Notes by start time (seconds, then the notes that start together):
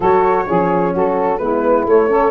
0.00 F#3 F#4 A4 C#5
0.47 F3 C#4 G#4
0.92 F#3 F#4 A4
1.37 G#3 B3 E4 B4
1.85 A3 C#5
2.08 C#4 A4